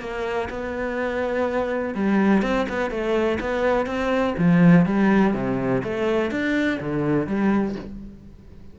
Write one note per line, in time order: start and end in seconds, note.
0.00 0.48 A#3
0.50 1.94 B3
1.94 2.42 G3
2.42 2.66 C4
2.69 2.90 B3
2.90 3.38 A3
3.40 3.86 B3
3.86 4.34 C4
4.37 4.86 F3
4.86 5.34 G3
5.34 5.82 C3
5.84 6.31 A3
6.31 6.79 D4
6.80 7.27 D3
7.27 7.75 G3